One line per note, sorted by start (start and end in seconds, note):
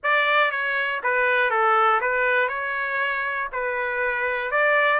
0.02 0.51 D5
0.51 1.01 C#5
1.03 1.50 B4
1.50 2.00 A4
2.00 2.48 B4
2.48 3.48 C#5
3.52 4.51 B4
4.51 4.99 D5